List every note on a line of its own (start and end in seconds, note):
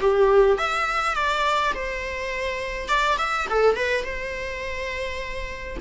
0.00 0.58 G4
0.58 1.15 E5
1.15 1.72 D5
1.74 2.88 C5
2.88 3.17 D5
3.18 3.46 E5
3.49 3.75 A4
3.75 4.04 B4
4.04 5.77 C5